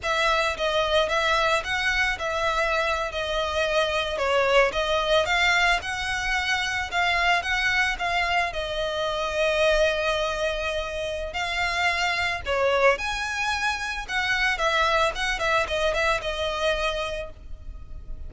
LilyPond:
\new Staff \with { instrumentName = "violin" } { \time 4/4 \tempo 4 = 111 e''4 dis''4 e''4 fis''4 | e''4.~ e''16 dis''2 cis''16~ | cis''8. dis''4 f''4 fis''4~ fis''16~ | fis''8. f''4 fis''4 f''4 dis''16~ |
dis''1~ | dis''4 f''2 cis''4 | gis''2 fis''4 e''4 | fis''8 e''8 dis''8 e''8 dis''2 | }